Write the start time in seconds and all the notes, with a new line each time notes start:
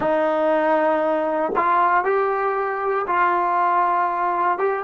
0.00 D#4
1.55 F4
2.04 G4
3.06 F4
4.58 G4